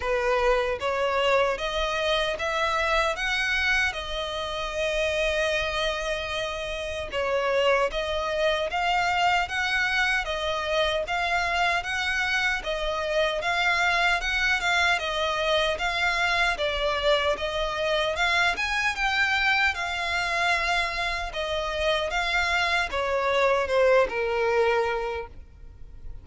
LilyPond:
\new Staff \with { instrumentName = "violin" } { \time 4/4 \tempo 4 = 76 b'4 cis''4 dis''4 e''4 | fis''4 dis''2.~ | dis''4 cis''4 dis''4 f''4 | fis''4 dis''4 f''4 fis''4 |
dis''4 f''4 fis''8 f''8 dis''4 | f''4 d''4 dis''4 f''8 gis''8 | g''4 f''2 dis''4 | f''4 cis''4 c''8 ais'4. | }